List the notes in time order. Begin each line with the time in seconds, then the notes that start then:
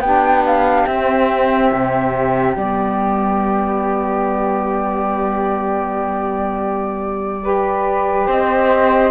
0.00 B3 D4 G4 G5
0.46 F5
0.86 C4 E5
1.72 C3
2.56 G3 B3 D5
7.42 G4 B4
8.27 C4 C5 D#5